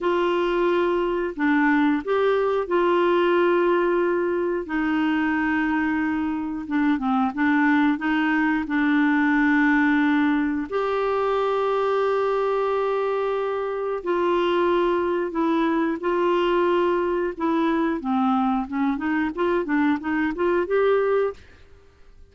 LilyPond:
\new Staff \with { instrumentName = "clarinet" } { \time 4/4 \tempo 4 = 90 f'2 d'4 g'4 | f'2. dis'4~ | dis'2 d'8 c'8 d'4 | dis'4 d'2. |
g'1~ | g'4 f'2 e'4 | f'2 e'4 c'4 | cis'8 dis'8 f'8 d'8 dis'8 f'8 g'4 | }